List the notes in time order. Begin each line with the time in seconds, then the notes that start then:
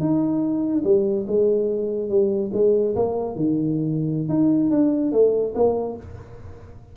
0.00 D#4
0.84 G3
1.27 G#3
2.09 G3
2.53 G#3
2.96 A#3
3.36 D#3
4.29 D#4
4.70 D4
5.12 A3
5.55 A#3